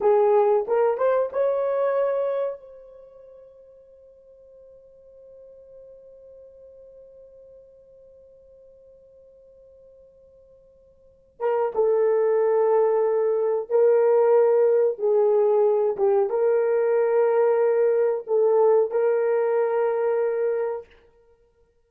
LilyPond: \new Staff \with { instrumentName = "horn" } { \time 4/4 \tempo 4 = 92 gis'4 ais'8 c''8 cis''2 | c''1~ | c''1~ | c''1~ |
c''4. ais'8 a'2~ | a'4 ais'2 gis'4~ | gis'8 g'8 ais'2. | a'4 ais'2. | }